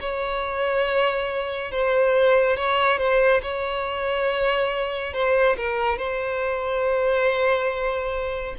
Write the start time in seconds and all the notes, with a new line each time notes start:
0.00 C#5
1.71 C5
2.57 C#5
2.98 C5
3.42 C#5
5.14 C5
5.57 A#4
5.98 C5